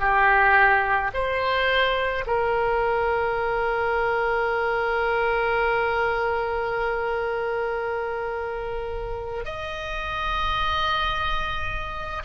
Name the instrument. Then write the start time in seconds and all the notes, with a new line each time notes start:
oboe
0.00 G4
1.14 C5
2.27 A#4
9.45 D#5